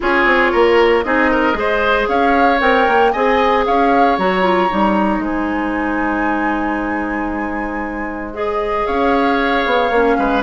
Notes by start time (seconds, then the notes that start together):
0.00 C#4 F4 G#4 C#5
0.25 C4
0.52 A#3 A#4
1.02 C4 D#4 G#4 D#5
1.30 A#4
1.52 G#3 G#4
1.58 C5
2.08 C#4 C#5 F5
2.60 C4 A#4 G5
2.87 A#3
3.11 C4 G#4 D#5 G#5
3.65 C#4 C#5 F5
4.18 F#3 F#4 A#5
4.42 F4
4.69 G3 D#4
5.19 G#3 C5 G#5
8.34 G#4 D#5
8.86 C#4 C#5 F5
9.65 B3
9.89 A#3 C#4
10.18 G#3 B4